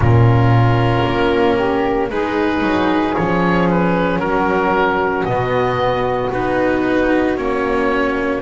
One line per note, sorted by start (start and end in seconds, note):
0.00 1.05 A#2
0.00 2.09 C#4
0.00 1.55 F4
0.00 2.09 A#4
1.05 2.09 A#3
1.55 2.08 G4
2.09 2.61 G#3
2.09 3.16 D#4
2.09 4.21 G#4
2.09 3.15 B4
2.61 3.14 F#3
3.16 4.18 F3
3.16 5.29 C#4
3.16 3.68 C#5
3.70 4.19 B4
4.18 5.24 F#3
4.18 8.42 F#4
4.18 5.24 A#4
5.25 6.30 B2
5.25 6.33 B3
5.25 6.30 D#5
6.32 7.37 B3
6.32 7.37 D#4
6.32 7.37 B4
7.37 8.42 A#3
7.37 8.42 C#4
7.37 8.42 C#5